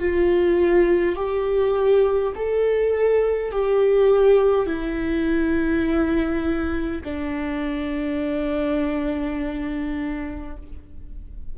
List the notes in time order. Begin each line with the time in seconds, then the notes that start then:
0.00 F4
1.16 G4
2.35 A4
3.51 G4
4.66 E4
7.04 D4